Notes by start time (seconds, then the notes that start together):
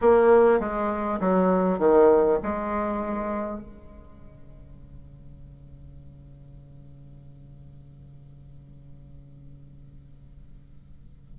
0.01 A#3
0.59 G#3
1.20 F#3
1.78 D#3
2.43 G#3
3.60 C#3